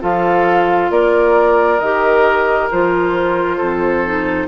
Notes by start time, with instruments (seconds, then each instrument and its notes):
0.00 bassoon F3, clarinet F4, oboe A4, flute F5
0.90 bassoon A#3, oboe A#4, flute D5
1.79 bassoon D#3, clarinet G4, flute D#5
2.71 bassoon F3, clarinet F4, flute C5
3.57 bassoon F2, oboe A4
4.05 clarinet D#4